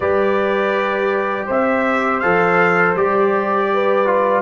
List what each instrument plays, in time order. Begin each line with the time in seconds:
0.00 tuba G3, trombone G4, horn B4, trumpet D5
1.46 tuba C4, horn C5, trumpet E5
2.19 tuba F3, trombone A4, trumpet F5
2.95 tuba G3, trombone G4, trumpet D5
3.73 horn B4
4.05 trombone F4